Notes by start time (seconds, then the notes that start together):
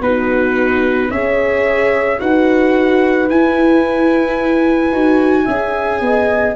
0.00 B3 D#4 F#4 B4
1.10 C#4 G#4 C#5 E5
2.19 D#4 F#4 B4 F#5
3.29 E4 G#5
4.91 D#4 F#4
5.45 C#4 G#4 E5
6.01 B3 D#5